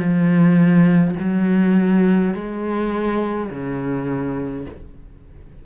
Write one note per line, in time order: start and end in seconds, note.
0.00 1.15 F3
1.20 2.35 F#3
2.35 3.50 G#3
3.50 4.66 C#3